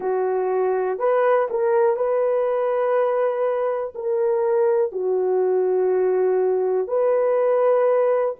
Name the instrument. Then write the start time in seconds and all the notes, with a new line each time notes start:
horn
0.00 F#4
0.98 B4
1.50 A#4
1.96 B4
3.94 A#4
4.92 F#4
6.87 B4